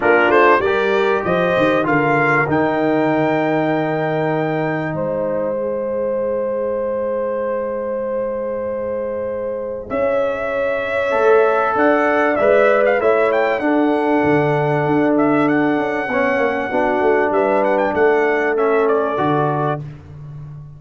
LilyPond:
<<
  \new Staff \with { instrumentName = "trumpet" } { \time 4/4 \tempo 4 = 97 ais'8 c''8 d''4 dis''4 f''4 | g''1 | dis''1~ | dis''1 |
e''2. fis''4 | e''8. f''16 e''8 g''8 fis''2~ | fis''8 e''8 fis''2. | e''8 fis''16 g''16 fis''4 e''8 d''4. | }
  \new Staff \with { instrumentName = "horn" } { \time 4/4 f'4 ais'4 c''4 ais'4~ | ais'1 | c''1~ | c''1 |
cis''2. d''4~ | d''4 cis''4 a'2~ | a'2 cis''4 fis'4 | b'4 a'2. | }
  \new Staff \with { instrumentName = "trombone" } { \time 4/4 d'4 g'2 f'4 | dis'1~ | dis'4 gis'2.~ | gis'1~ |
gis'2 a'2 | b'4 e'4 d'2~ | d'2 cis'4 d'4~ | d'2 cis'4 fis'4 | }
  \new Staff \with { instrumentName = "tuba" } { \time 4/4 ais8 a8 g4 f8 dis8 d4 | dis1 | gis1~ | gis1 |
cis'2 a4 d'4 | gis4 a4 d'4 d4 | d'4. cis'8 b8 ais8 b8 a8 | g4 a2 d4 | }
>>